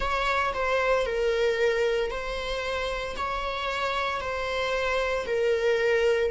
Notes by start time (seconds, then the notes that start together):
0.00 C#5
0.53 C5
1.06 A#4
2.11 C5
3.16 C#5
4.21 C5
5.26 A#4